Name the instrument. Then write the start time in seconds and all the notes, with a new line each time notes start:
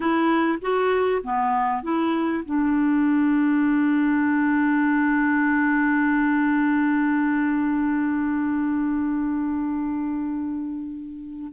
clarinet
0.00 E4
0.61 F#4
1.23 B3
1.82 E4
2.45 D4